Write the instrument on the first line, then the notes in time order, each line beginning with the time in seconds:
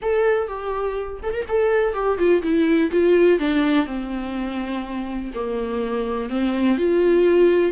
viola
0.02 A4
0.47 G4
1.22 A4
1.33 A#4
1.48 A4
1.93 G4
2.18 F4
2.42 E4
2.91 F4
3.39 D4
3.86 C4
5.34 A#3
6.29 C4
6.77 F4